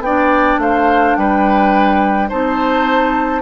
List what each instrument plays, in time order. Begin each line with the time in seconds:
0.00 bassoon B3, clarinet D4, oboe D5, flute G5
0.58 bassoon A3, oboe C5, flute F5
1.16 bassoon G3, oboe B4, flute G5
2.29 bassoon C4, clarinet D#4, oboe C5, flute A5